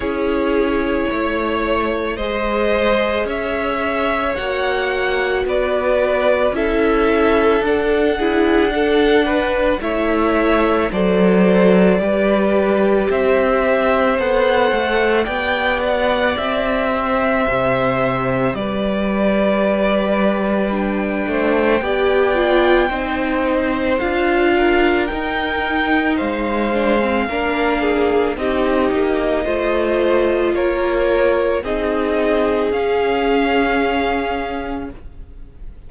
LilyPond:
<<
  \new Staff \with { instrumentName = "violin" } { \time 4/4 \tempo 4 = 55 cis''2 dis''4 e''4 | fis''4 d''4 e''4 fis''4~ | fis''4 e''4 d''2 | e''4 fis''4 g''8 fis''8 e''4~ |
e''4 d''2 g''4~ | g''2 f''4 g''4 | f''2 dis''2 | cis''4 dis''4 f''2 | }
  \new Staff \with { instrumentName = "violin" } { \time 4/4 gis'4 cis''4 c''4 cis''4~ | cis''4 b'4 a'4. gis'8 | a'8 b'8 cis''4 c''4 b'4 | c''2 d''4. c''8~ |
c''4 b'2~ b'8 c''8 | d''4 c''4. ais'4. | c''4 ais'8 gis'8 g'4 c''4 | ais'4 gis'2. | }
  \new Staff \with { instrumentName = "viola" } { \time 4/4 e'2 gis'2 | fis'2 e'4 d'8 e'8 | d'4 e'4 a'4 g'4~ | g'4 a'4 g'2~ |
g'2. d'4 | g'8 f'8 dis'4 f'4 dis'4~ | dis'8 d'16 c'16 d'4 dis'4 f'4~ | f'4 dis'4 cis'2 | }
  \new Staff \with { instrumentName = "cello" } { \time 4/4 cis'4 a4 gis4 cis'4 | ais4 b4 cis'4 d'4~ | d'4 a4 fis4 g4 | c'4 b8 a8 b4 c'4 |
c4 g2~ g8 a8 | b4 c'4 d'4 dis'4 | gis4 ais4 c'8 ais8 a4 | ais4 c'4 cis'2 | }
>>